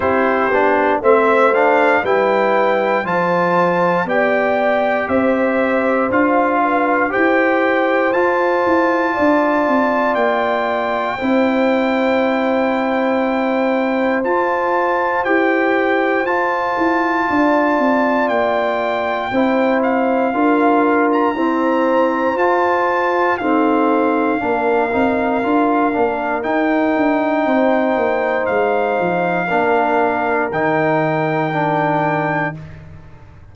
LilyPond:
<<
  \new Staff \with { instrumentName = "trumpet" } { \time 4/4 \tempo 4 = 59 c''4 e''8 f''8 g''4 a''4 | g''4 e''4 f''4 g''4 | a''2 g''2~ | g''2 a''4 g''4 |
a''2 g''4. f''8~ | f''8. ais''4~ ais''16 a''4 f''4~ | f''2 g''2 | f''2 g''2 | }
  \new Staff \with { instrumentName = "horn" } { \time 4/4 g'4 c''4 b'4 c''4 | d''4 c''4. b'8 c''4~ | c''4 d''2 c''4~ | c''1~ |
c''4 d''2 c''4 | ais'4 c''2 a'4 | ais'2. c''4~ | c''4 ais'2. | }
  \new Staff \with { instrumentName = "trombone" } { \time 4/4 e'8 d'8 c'8 d'8 e'4 f'4 | g'2 f'4 g'4 | f'2. e'4~ | e'2 f'4 g'4 |
f'2. e'4 | f'4 c'4 f'4 c'4 | d'8 dis'8 f'8 d'8 dis'2~ | dis'4 d'4 dis'4 d'4 | }
  \new Staff \with { instrumentName = "tuba" } { \time 4/4 c'8 b8 a4 g4 f4 | b4 c'4 d'4 e'4 | f'8 e'8 d'8 c'8 ais4 c'4~ | c'2 f'4 e'4 |
f'8 e'8 d'8 c'8 ais4 c'4 | d'4 e'4 f'4 dis'4 | ais8 c'8 d'8 ais8 dis'8 d'8 c'8 ais8 | gis8 f8 ais4 dis2 | }
>>